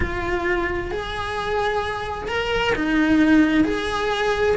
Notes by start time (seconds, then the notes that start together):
0.00 F4
0.91 G#4
2.28 A#4
2.75 D#4
3.64 G#4